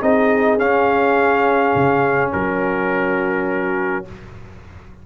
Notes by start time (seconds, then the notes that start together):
0.00 C4 D#4 G#4 D#5
0.58 C#4 F5
1.75 C#3
2.33 F#3 F#4 A#4